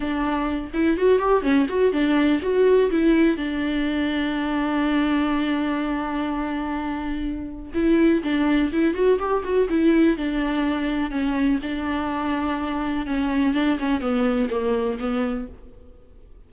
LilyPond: \new Staff \with { instrumentName = "viola" } { \time 4/4 \tempo 4 = 124 d'4. e'8 fis'8 g'8 cis'8 fis'8 | d'4 fis'4 e'4 d'4~ | d'1~ | d'1 |
e'4 d'4 e'8 fis'8 g'8 fis'8 | e'4 d'2 cis'4 | d'2. cis'4 | d'8 cis'8 b4 ais4 b4 | }